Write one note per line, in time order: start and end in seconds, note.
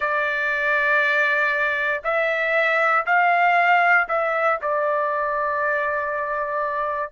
0.00 2.01 D5
2.03 3.05 E5
3.06 4.07 F5
4.08 4.59 E5
4.61 7.12 D5